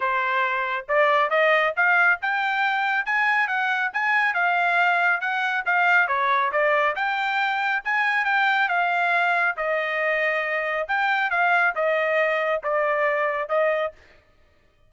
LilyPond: \new Staff \with { instrumentName = "trumpet" } { \time 4/4 \tempo 4 = 138 c''2 d''4 dis''4 | f''4 g''2 gis''4 | fis''4 gis''4 f''2 | fis''4 f''4 cis''4 d''4 |
g''2 gis''4 g''4 | f''2 dis''2~ | dis''4 g''4 f''4 dis''4~ | dis''4 d''2 dis''4 | }